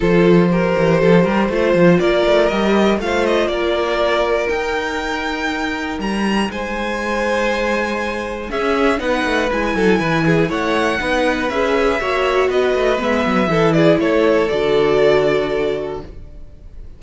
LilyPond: <<
  \new Staff \with { instrumentName = "violin" } { \time 4/4 \tempo 4 = 120 c''1 | d''4 dis''4 f''8 dis''8 d''4~ | d''4 g''2. | ais''4 gis''2.~ |
gis''4 e''4 fis''4 gis''4~ | gis''4 fis''2 e''4~ | e''4 dis''4 e''4. d''8 | cis''4 d''2. | }
  \new Staff \with { instrumentName = "violin" } { \time 4/4 a'4 ais'4 a'8 ais'8 c''4 | ais'2 c''4 ais'4~ | ais'1~ | ais'4 c''2.~ |
c''4 gis'4 b'4. a'8 | b'8 gis'8 cis''4 b'2 | cis''4 b'2 a'8 gis'8 | a'1 | }
  \new Staff \with { instrumentName = "viola" } { \time 4/4 f'4 g'2 f'4~ | f'4 g'4 f'2~ | f'4 dis'2.~ | dis'1~ |
dis'4 cis'4 dis'4 e'4~ | e'2 dis'4 gis'4 | fis'2 b4 e'4~ | e'4 fis'2. | }
  \new Staff \with { instrumentName = "cello" } { \time 4/4 f4. e8 f8 g8 a8 f8 | ais8 a8 g4 a4 ais4~ | ais4 dis'2. | g4 gis2.~ |
gis4 cis'4 b8 a8 gis8 fis8 | e4 a4 b4 cis'4 | ais4 b8 a8 gis8 fis8 e4 | a4 d2. | }
>>